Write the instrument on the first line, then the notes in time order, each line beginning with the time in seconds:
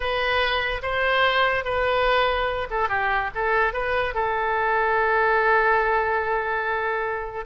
oboe
0.00 B4
0.82 C5
1.64 B4
2.70 A4
2.89 G4
3.34 A4
3.73 B4
4.14 A4